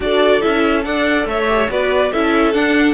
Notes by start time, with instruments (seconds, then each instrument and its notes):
0.00 cello D4, viola F#4, violin A4 D5
0.41 cello C#4, viola E4, violin E5
0.83 cello D4, viola A4, violin D5 F#5
1.25 cello A3, violin C#5 E5
1.48 viola G4
1.69 cello B3, viola F#4, violin B4 D5
2.11 cello C#4, viola E4, violin A4 E5
2.53 viola D4, cello D4, violin F#5